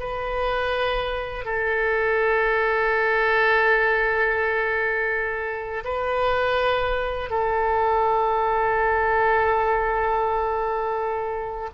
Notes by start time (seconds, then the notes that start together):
0.00 B4
1.45 A4
5.85 B4
7.30 A4